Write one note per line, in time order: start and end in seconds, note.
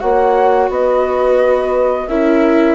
0.00 0.69 A#3
0.00 2.07 F#4
0.00 0.70 C#5
0.00 0.69 F#5
0.69 2.07 B3
0.69 2.08 B4
0.69 2.08 D#5
2.08 2.75 C#4
2.08 2.75 E4
2.08 2.75 A#4
2.08 2.75 E5